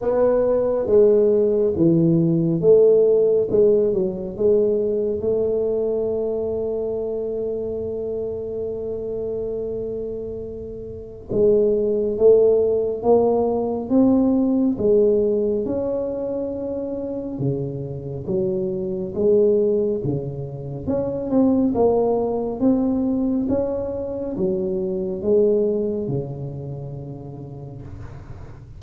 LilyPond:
\new Staff \with { instrumentName = "tuba" } { \time 4/4 \tempo 4 = 69 b4 gis4 e4 a4 | gis8 fis8 gis4 a2~ | a1~ | a4 gis4 a4 ais4 |
c'4 gis4 cis'2 | cis4 fis4 gis4 cis4 | cis'8 c'8 ais4 c'4 cis'4 | fis4 gis4 cis2 | }